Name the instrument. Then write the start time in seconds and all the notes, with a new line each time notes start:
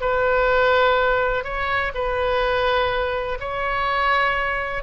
oboe
0.00 B4
1.44 C#5
1.94 B4
3.40 C#5